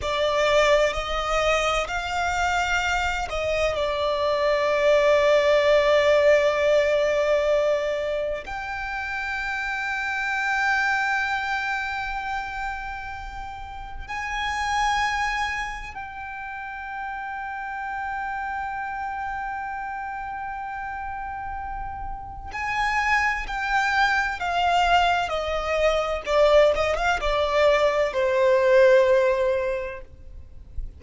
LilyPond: \new Staff \with { instrumentName = "violin" } { \time 4/4 \tempo 4 = 64 d''4 dis''4 f''4. dis''8 | d''1~ | d''4 g''2.~ | g''2. gis''4~ |
gis''4 g''2.~ | g''1 | gis''4 g''4 f''4 dis''4 | d''8 dis''16 f''16 d''4 c''2 | }